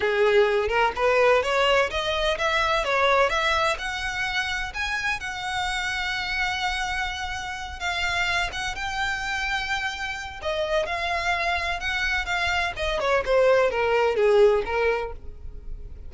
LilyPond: \new Staff \with { instrumentName = "violin" } { \time 4/4 \tempo 4 = 127 gis'4. ais'8 b'4 cis''4 | dis''4 e''4 cis''4 e''4 | fis''2 gis''4 fis''4~ | fis''1~ |
fis''8 f''4. fis''8 g''4.~ | g''2 dis''4 f''4~ | f''4 fis''4 f''4 dis''8 cis''8 | c''4 ais'4 gis'4 ais'4 | }